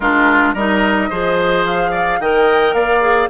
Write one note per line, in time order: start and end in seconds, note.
0.00 0.54 G#3
0.00 0.56 D4
0.00 0.54 F4
0.00 0.53 A#4
0.54 1.09 G3
0.54 1.10 D#4
0.54 1.09 A#4
0.54 1.65 D#5
1.09 2.19 F3
1.09 2.20 G#4
1.09 1.91 C5
1.65 2.20 F5
1.91 2.18 D5
2.19 2.73 D#3
2.19 3.01 A#4
2.19 2.75 D#5
2.19 2.73 G5
2.73 3.28 A#3
2.73 3.29 D5
2.73 3.28 F5
3.01 3.28 G#4